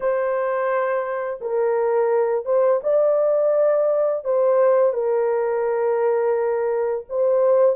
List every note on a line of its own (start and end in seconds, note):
0.00 1.40 C5
1.40 2.45 A#4
2.45 2.80 C5
2.83 4.24 D5
4.24 4.93 C5
4.93 7.04 A#4
7.09 7.76 C5